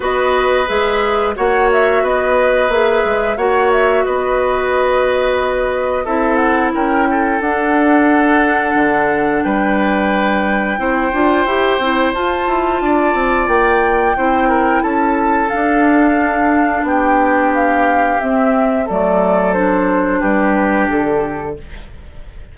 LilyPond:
<<
  \new Staff \with { instrumentName = "flute" } { \time 4/4 \tempo 4 = 89 dis''4 e''4 fis''8 e''8 dis''4 | e''4 fis''8 e''8 dis''2~ | dis''4 e''8 fis''8 g''4 fis''4~ | fis''2 g''2~ |
g''2 a''2 | g''2 a''4 f''4~ | f''4 g''4 f''4 e''4 | d''4 c''4 b'4 a'4 | }
  \new Staff \with { instrumentName = "oboe" } { \time 4/4 b'2 cis''4 b'4~ | b'4 cis''4 b'2~ | b'4 a'4 ais'8 a'4.~ | a'2 b'2 |
c''2. d''4~ | d''4 c''8 ais'8 a'2~ | a'4 g'2. | a'2 g'2 | }
  \new Staff \with { instrumentName = "clarinet" } { \time 4/4 fis'4 gis'4 fis'2 | gis'4 fis'2.~ | fis'4 e'2 d'4~ | d'1 |
e'8 f'8 g'8 e'8 f'2~ | f'4 e'2 d'4~ | d'2. c'4 | a4 d'2. | }
  \new Staff \with { instrumentName = "bassoon" } { \time 4/4 b4 gis4 ais4 b4 | ais8 gis8 ais4 b2~ | b4 c'4 cis'4 d'4~ | d'4 d4 g2 |
c'8 d'8 e'8 c'8 f'8 e'8 d'8 c'8 | ais4 c'4 cis'4 d'4~ | d'4 b2 c'4 | fis2 g4 d4 | }
>>